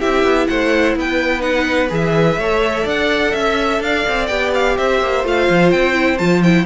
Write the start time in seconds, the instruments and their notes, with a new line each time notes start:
0.00 cello C4, viola E4, violin G4 E5
0.24 cello B3
0.48 cello A3, violin C5 F#5
0.96 cello B3, violin B4 G5
1.40 viola D#4, violin F#5
1.89 cello E3, viola G#4, violin E5
2.37 cello A3, viola A4, violin C#5
2.84 cello D4, violin D5 F#5
3.32 cello C#4, violin E5
3.81 cello D4, violin D5 F5
4.09 cello C4
4.27 cello B3, viola G4, violin G5
4.54 violin F5
4.77 cello C4, violin C5 E5
5.01 cello A#3
5.25 cello A3, viola F4, violin F5
5.50 cello F3
5.72 cello C4, violin G5
5.93 viola E4
6.18 cello F3, viola F4, violin A5
6.44 viola E4, violin G5